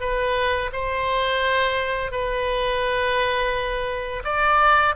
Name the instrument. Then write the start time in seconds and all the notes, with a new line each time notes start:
oboe
0.00 B4
0.73 C5
2.11 B4
4.24 D5